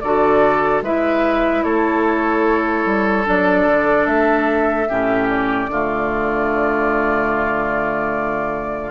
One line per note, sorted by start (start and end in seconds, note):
0.00 0.81 D3
0.00 0.84 F#4
0.00 0.84 A4
0.00 0.81 D5
0.81 1.62 G#3
0.81 3.24 E4
0.81 1.64 B4
0.81 1.63 E5
1.63 2.85 A3
1.63 4.88 A4
1.63 3.25 C#5
2.85 3.26 G3
3.24 3.66 F#3
3.24 4.86 D4
3.24 4.06 D5
3.66 4.06 D3
4.06 4.87 A3
4.06 5.28 E5
4.88 5.67 A2
4.88 5.70 C#4
4.88 5.69 G4
5.29 8.91 D5
5.67 8.91 D3
5.67 8.91 A3
5.67 8.91 F4